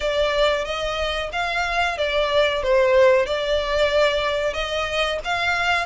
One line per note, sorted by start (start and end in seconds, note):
0.00 0.64 D5
0.64 1.30 D#5
1.32 1.97 F5
1.97 2.62 D5
2.62 3.25 C5
3.25 4.53 D5
4.53 5.18 D#5
5.24 5.85 F5